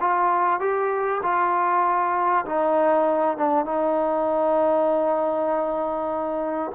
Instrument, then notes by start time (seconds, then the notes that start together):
trombone
0.00 F4
0.59 G4
1.22 F4
2.45 D#4
3.37 D4
3.65 D#4